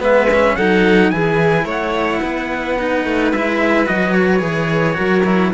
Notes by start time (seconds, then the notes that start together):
0.00 G#3 B3 B4 E5
0.33 C#4
0.56 F#3 D#4 A4 F#5
1.11 E3 E4 G#4 G#5
1.65 A3 C#5 F#5
2.22 B3 B4
2.79 D#4
3.05 A3
3.33 G#3 E4 E5
3.86 F#3 F#4 D#5
4.14 C#5
4.40 E3 G#4
4.94 F#3 F#4 A#4
5.26 E4